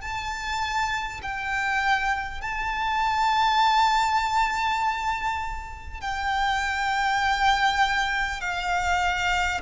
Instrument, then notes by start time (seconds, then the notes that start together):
violin
0.00 A5
1.22 G5
2.41 A5
6.01 G5
8.40 F5